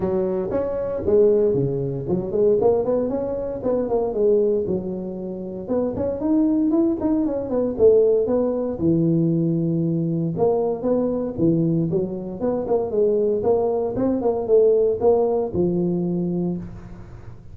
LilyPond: \new Staff \with { instrumentName = "tuba" } { \time 4/4 \tempo 4 = 116 fis4 cis'4 gis4 cis4 | fis8 gis8 ais8 b8 cis'4 b8 ais8 | gis4 fis2 b8 cis'8 | dis'4 e'8 dis'8 cis'8 b8 a4 |
b4 e2. | ais4 b4 e4 fis4 | b8 ais8 gis4 ais4 c'8 ais8 | a4 ais4 f2 | }